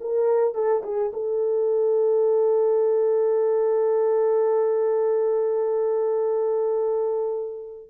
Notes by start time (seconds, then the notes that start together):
0.00 A#4
0.54 A4
0.83 G#4
1.13 A4